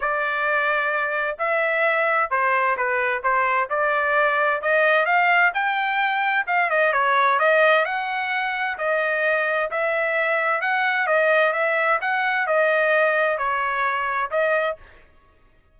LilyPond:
\new Staff \with { instrumentName = "trumpet" } { \time 4/4 \tempo 4 = 130 d''2. e''4~ | e''4 c''4 b'4 c''4 | d''2 dis''4 f''4 | g''2 f''8 dis''8 cis''4 |
dis''4 fis''2 dis''4~ | dis''4 e''2 fis''4 | dis''4 e''4 fis''4 dis''4~ | dis''4 cis''2 dis''4 | }